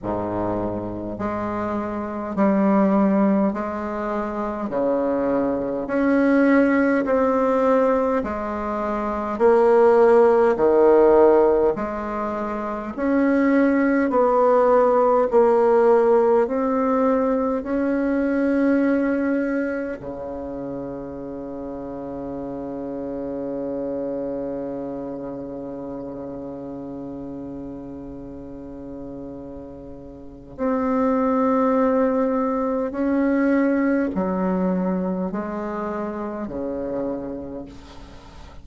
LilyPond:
\new Staff \with { instrumentName = "bassoon" } { \time 4/4 \tempo 4 = 51 gis,4 gis4 g4 gis4 | cis4 cis'4 c'4 gis4 | ais4 dis4 gis4 cis'4 | b4 ais4 c'4 cis'4~ |
cis'4 cis2.~ | cis1~ | cis2 c'2 | cis'4 fis4 gis4 cis4 | }